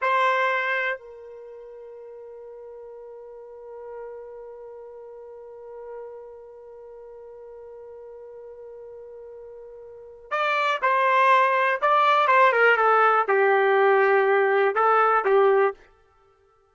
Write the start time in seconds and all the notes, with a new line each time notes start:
0.01 C5
0.98 A#4
10.30 D5
10.82 C5
11.81 D5
12.27 C5
12.52 A#4
12.76 A4
13.28 G4
14.75 A4
15.25 G4